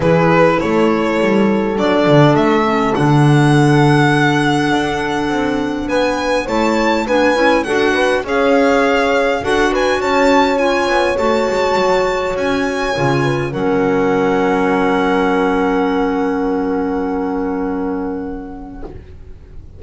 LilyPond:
<<
  \new Staff \with { instrumentName = "violin" } { \time 4/4 \tempo 4 = 102 b'4 cis''2 d''4 | e''4 fis''2.~ | fis''2 gis''4 a''4 | gis''4 fis''4 f''2 |
fis''8 gis''8 a''4 gis''4 a''4~ | a''4 gis''2 fis''4~ | fis''1~ | fis''1 | }
  \new Staff \with { instrumentName = "horn" } { \time 4/4 gis'4 a'2.~ | a'1~ | a'2 b'4 cis''4 | b'4 a'8 b'8 cis''2 |
a'8 b'8 cis''2.~ | cis''2~ cis''8 b'8 ais'4~ | ais'1~ | ais'1 | }
  \new Staff \with { instrumentName = "clarinet" } { \time 4/4 e'2. d'4~ | d'8 cis'8 d'2.~ | d'2. e'4 | d'8 e'8 fis'4 gis'2 |
fis'2 f'4 fis'4~ | fis'2 f'4 cis'4~ | cis'1~ | cis'1 | }
  \new Staff \with { instrumentName = "double bass" } { \time 4/4 e4 a4 g4 fis8 d8 | a4 d2. | d'4 c'4 b4 a4 | b8 cis'8 d'4 cis'2 |
d'4 cis'4. b8 a8 gis8 | fis4 cis'4 cis4 fis4~ | fis1~ | fis1 | }
>>